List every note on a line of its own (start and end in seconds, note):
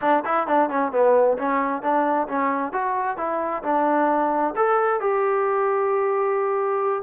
0.01 0.23 D4
0.25 0.47 E4
0.47 0.69 D4
0.69 0.92 C#4
0.92 1.37 B3
1.37 1.82 C#4
1.82 2.27 D4
2.28 2.72 C#4
2.72 3.17 F#4
3.17 3.62 E4
3.63 4.54 D4
4.56 5.00 A4
5.00 7.02 G4